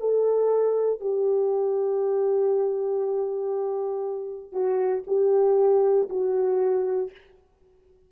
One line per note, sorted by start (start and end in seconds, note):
0.00 1.00 A4
1.00 4.52 G4
4.52 5.03 F#4
5.07 6.09 G4
6.09 7.11 F#4